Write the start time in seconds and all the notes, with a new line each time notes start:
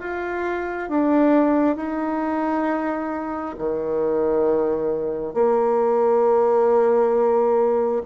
0.00 F4
0.89 D4
1.77 D#4
3.59 D#3
5.34 A#3